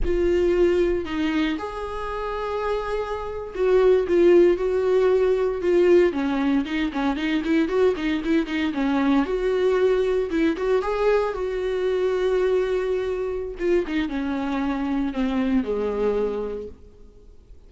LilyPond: \new Staff \with { instrumentName = "viola" } { \time 4/4 \tempo 4 = 115 f'2 dis'4 gis'4~ | gis'2~ gis'8. fis'4 f'16~ | f'8. fis'2 f'4 cis'16~ | cis'8. dis'8 cis'8 dis'8 e'8 fis'8 dis'8 e'16~ |
e'16 dis'8 cis'4 fis'2 e'16~ | e'16 fis'8 gis'4 fis'2~ fis'16~ | fis'2 f'8 dis'8 cis'4~ | cis'4 c'4 gis2 | }